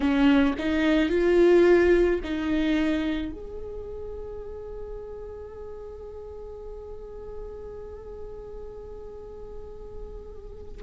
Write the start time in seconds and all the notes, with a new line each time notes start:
0.00 C#4
0.58 D#4
1.09 F4
2.23 D#4
3.31 G#4